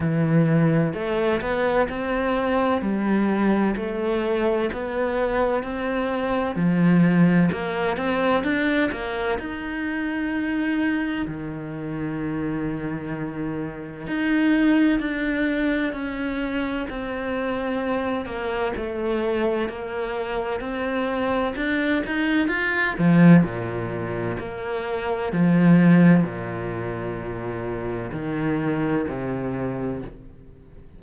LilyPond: \new Staff \with { instrumentName = "cello" } { \time 4/4 \tempo 4 = 64 e4 a8 b8 c'4 g4 | a4 b4 c'4 f4 | ais8 c'8 d'8 ais8 dis'2 | dis2. dis'4 |
d'4 cis'4 c'4. ais8 | a4 ais4 c'4 d'8 dis'8 | f'8 f8 ais,4 ais4 f4 | ais,2 dis4 c4 | }